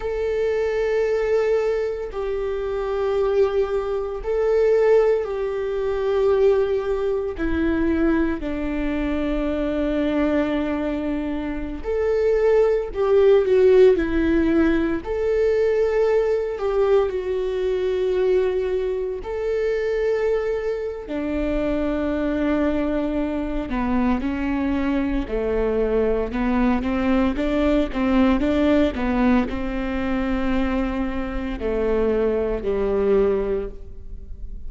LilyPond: \new Staff \with { instrumentName = "viola" } { \time 4/4 \tempo 4 = 57 a'2 g'2 | a'4 g'2 e'4 | d'2.~ d'16 a'8.~ | a'16 g'8 fis'8 e'4 a'4. g'16~ |
g'16 fis'2 a'4.~ a'16 | d'2~ d'8 b8 cis'4 | a4 b8 c'8 d'8 c'8 d'8 b8 | c'2 a4 g4 | }